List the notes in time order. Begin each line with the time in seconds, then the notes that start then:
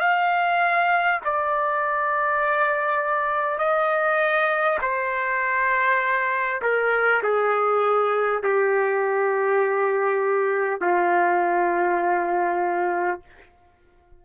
0.00 F5
1.25 D5
3.59 D#5
4.82 C5
6.62 A#4
7.23 G#4
8.43 G4
10.81 F4